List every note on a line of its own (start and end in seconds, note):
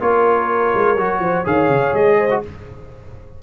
0.00 0.74 A#3
0.00 0.97 F4
0.00 1.21 A#4
0.00 1.47 C#5
0.75 0.96 G#3
0.96 1.20 F#3
0.96 1.45 F#4
1.20 1.44 F3
1.20 1.45 C5
1.45 1.69 D#3
1.45 2.29 G#4
1.45 2.17 C#5
1.45 1.95 F5
1.69 1.93 C#3
1.94 2.43 G#3
1.94 2.43 D#5
2.18 2.42 C5
2.31 2.43 F#4